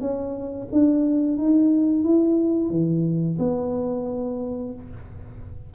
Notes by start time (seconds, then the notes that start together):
0.00 C#4
0.72 D4
1.37 D#4
2.03 E4
2.70 E3
3.39 B3